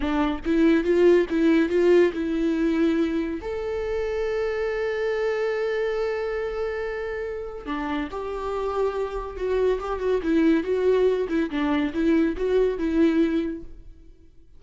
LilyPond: \new Staff \with { instrumentName = "viola" } { \time 4/4 \tempo 4 = 141 d'4 e'4 f'4 e'4 | f'4 e'2. | a'1~ | a'1~ |
a'2 d'4 g'4~ | g'2 fis'4 g'8 fis'8 | e'4 fis'4. e'8 d'4 | e'4 fis'4 e'2 | }